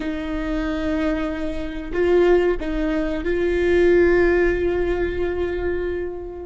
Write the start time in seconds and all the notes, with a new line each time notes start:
0.00 D#4
1.92 F4
2.60 D#4
3.24 F4